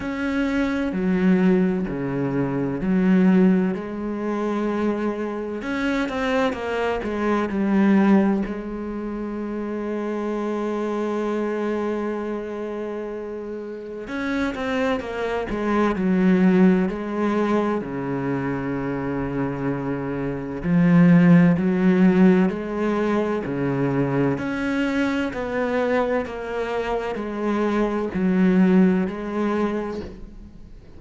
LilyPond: \new Staff \with { instrumentName = "cello" } { \time 4/4 \tempo 4 = 64 cis'4 fis4 cis4 fis4 | gis2 cis'8 c'8 ais8 gis8 | g4 gis2.~ | gis2. cis'8 c'8 |
ais8 gis8 fis4 gis4 cis4~ | cis2 f4 fis4 | gis4 cis4 cis'4 b4 | ais4 gis4 fis4 gis4 | }